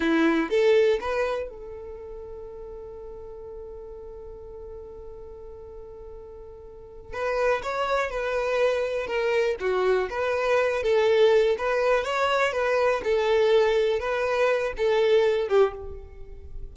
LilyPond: \new Staff \with { instrumentName = "violin" } { \time 4/4 \tempo 4 = 122 e'4 a'4 b'4 a'4~ | a'1~ | a'1~ | a'2~ a'8 b'4 cis''8~ |
cis''8 b'2 ais'4 fis'8~ | fis'8 b'4. a'4. b'8~ | b'8 cis''4 b'4 a'4.~ | a'8 b'4. a'4. g'8 | }